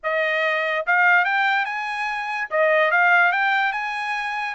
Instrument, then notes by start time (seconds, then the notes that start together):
trumpet
0.03 D#5
0.86 F5
1.25 G5
1.65 G#5
2.50 D#5
2.91 F5
3.31 G5
3.72 G#5